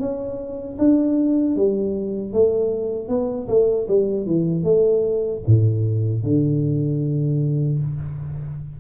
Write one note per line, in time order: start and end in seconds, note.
0.00 0.78 C#4
0.79 1.56 D4
1.56 2.33 G3
2.33 3.09 A3
3.09 3.48 B3
3.49 3.87 A3
3.88 4.26 G3
4.26 4.64 E3
4.64 5.42 A3
5.47 6.23 A2
6.23 7.79 D3